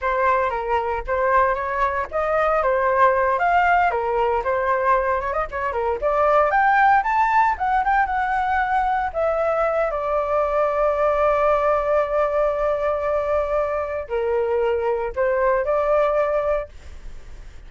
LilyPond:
\new Staff \with { instrumentName = "flute" } { \time 4/4 \tempo 4 = 115 c''4 ais'4 c''4 cis''4 | dis''4 c''4. f''4 ais'8~ | ais'8 c''4. cis''16 dis''16 cis''8 ais'8 d''8~ | d''8 g''4 a''4 fis''8 g''8 fis''8~ |
fis''4. e''4. d''4~ | d''1~ | d''2. ais'4~ | ais'4 c''4 d''2 | }